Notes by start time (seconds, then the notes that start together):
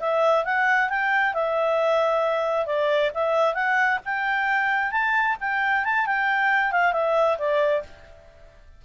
0.00 E5
0.45 F#5
0.90 G5
1.34 E5
2.66 D5
3.14 E5
3.54 F#5
4.05 G5
4.92 A5
5.41 G5
5.85 A5
6.06 G5
6.72 F5
6.93 E5
7.38 D5